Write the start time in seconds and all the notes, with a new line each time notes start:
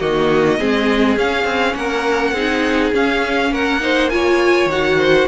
0.00 D#3 A#3 F#4 D#5
0.59 G#3 C4 G#4
1.17 C#4 F5
1.45 C4
1.75 A#3 A#4 F#5
2.33 C4 D#4 G#4
2.94 C#4 F5
3.52 A#3 A#4 F#5
3.81 D#4 C5
4.10 F4 C#5 G#5
4.66 D#3 F#4 F#5
4.99 C5